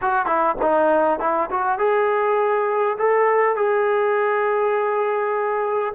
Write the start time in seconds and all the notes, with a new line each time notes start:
0.01 F#4
0.25 E4
0.61 D#4
1.19 E4
1.50 F#4
1.78 G#4
2.98 A4
3.55 G#4